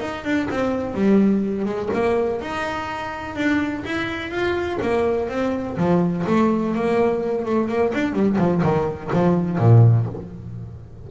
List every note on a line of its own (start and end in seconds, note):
0.00 0.24 D#4
0.24 0.48 D4
0.50 0.94 C4
0.94 1.65 G3
1.65 1.89 G#3
1.93 2.41 A#3
2.41 3.35 D#4
3.35 3.83 D4
3.85 4.30 E4
4.30 4.78 F4
4.81 5.28 A#3
5.28 5.76 C4
5.77 6.25 F3
6.26 6.74 A3
6.74 7.45 A#3
7.45 7.68 A3
7.68 7.92 A#3
7.94 8.12 D4
8.12 8.36 G3
8.38 8.62 F3
8.62 9.10 D#3
9.13 9.58 F3
9.58 10.06 A#2